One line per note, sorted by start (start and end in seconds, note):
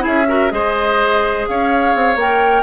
0.00 0.24 E4
0.00 0.28 G#4
0.06 0.52 C#4
0.06 0.52 E5
0.28 0.50 F#4
0.28 0.52 A#4
0.50 1.47 G#3
0.50 2.17 G#4
0.50 1.50 C5
0.50 1.47 D#5
1.48 1.95 C#4
1.48 2.63 C#5
1.48 2.19 F5
1.95 2.16 C4
2.16 2.63 A#3
2.16 2.63 A#4
2.16 2.63 G5